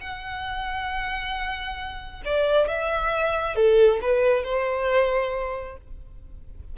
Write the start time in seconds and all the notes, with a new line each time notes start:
0.00 F#5
2.24 D5
2.67 E5
3.55 A4
4.01 B4
4.43 C5